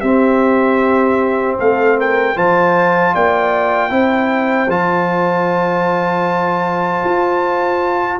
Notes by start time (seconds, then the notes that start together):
0.00 C4 G4 E5
1.58 A3 A4 F5
1.98 A#4 G5
2.35 F3 F4 C5 A5
3.13 A#3 D5 G5
3.89 C4 E4 C5
4.68 F3 F4 A5
7.04 F4